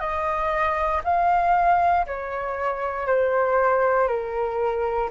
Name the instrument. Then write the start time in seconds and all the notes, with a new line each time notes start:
flute
0.00 D#5
1.04 F5
2.07 C#5
3.07 C5
4.08 A#4